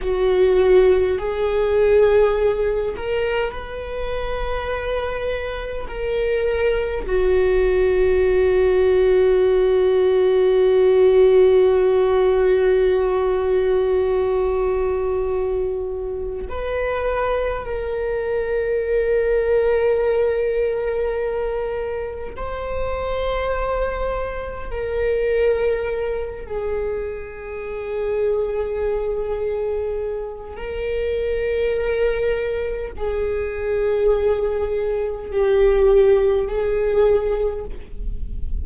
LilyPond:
\new Staff \with { instrumentName = "viola" } { \time 4/4 \tempo 4 = 51 fis'4 gis'4. ais'8 b'4~ | b'4 ais'4 fis'2~ | fis'1~ | fis'2 b'4 ais'4~ |
ais'2. c''4~ | c''4 ais'4. gis'4.~ | gis'2 ais'2 | gis'2 g'4 gis'4 | }